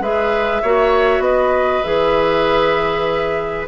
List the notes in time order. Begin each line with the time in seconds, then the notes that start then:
0.00 G#3 G#4 B4 E5
0.62 A#3 F#4 C#5
1.19 B3 B4 D#5
1.83 E3 G#4 E5